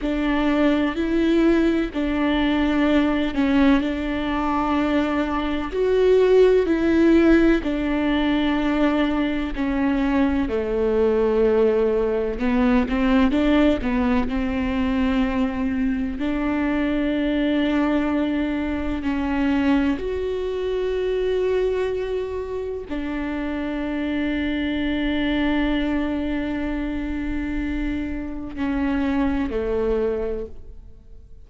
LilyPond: \new Staff \with { instrumentName = "viola" } { \time 4/4 \tempo 4 = 63 d'4 e'4 d'4. cis'8 | d'2 fis'4 e'4 | d'2 cis'4 a4~ | a4 b8 c'8 d'8 b8 c'4~ |
c'4 d'2. | cis'4 fis'2. | d'1~ | d'2 cis'4 a4 | }